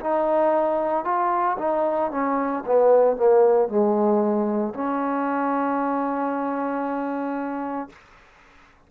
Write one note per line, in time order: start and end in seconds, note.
0.00 1.04 D#4
1.04 1.57 F4
1.58 2.11 D#4
2.11 2.63 C#4
2.66 3.16 B3
3.16 3.68 A#3
3.68 4.74 G#3
4.74 7.89 C#4